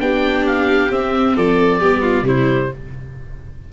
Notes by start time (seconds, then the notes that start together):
0.00 B3 D4 G4 G5
0.47 F5
0.91 C4 E5
1.36 F3 A4 D5
1.80 G3 B3 G4
2.02 F4
2.23 C3 G3 E4 C5